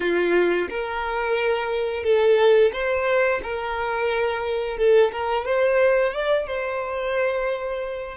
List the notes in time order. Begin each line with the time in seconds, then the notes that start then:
0.00 F4
0.69 A#4
2.03 A4
2.72 C5
3.43 A#4
4.77 A4
5.11 A#4
5.45 C5
6.13 D5
6.46 C5